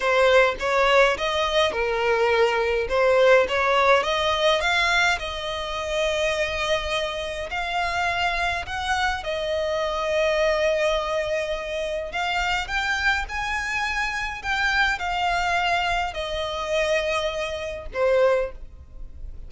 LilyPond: \new Staff \with { instrumentName = "violin" } { \time 4/4 \tempo 4 = 104 c''4 cis''4 dis''4 ais'4~ | ais'4 c''4 cis''4 dis''4 | f''4 dis''2.~ | dis''4 f''2 fis''4 |
dis''1~ | dis''4 f''4 g''4 gis''4~ | gis''4 g''4 f''2 | dis''2. c''4 | }